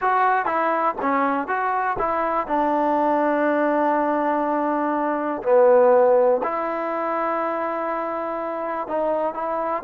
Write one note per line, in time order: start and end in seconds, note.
0.01 0.45 F#4
0.45 0.95 E4
1.01 1.47 C#4
1.47 1.96 F#4
1.99 2.47 E4
2.47 5.42 D4
5.42 6.41 B3
6.43 8.87 E4
8.87 9.34 D#4
9.34 9.83 E4